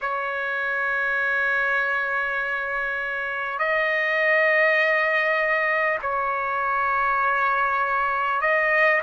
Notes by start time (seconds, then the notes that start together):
0.01 C#5
3.58 D#5
6.02 C#5
8.41 D#5